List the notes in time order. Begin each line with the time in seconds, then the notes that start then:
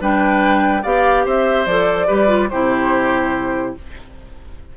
0.00 G3 D4 B4 G5
0.82 B3 G4 D5 F5
1.25 C4 C5 E5
1.66 F3 A4 D5
2.07 G3 G4 B4
2.27 F4
2.49 C3 E4 G4 C5